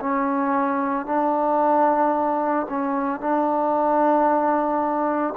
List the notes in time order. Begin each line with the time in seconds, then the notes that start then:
0.00 C#4
1.06 D4
2.69 C#4
3.20 D4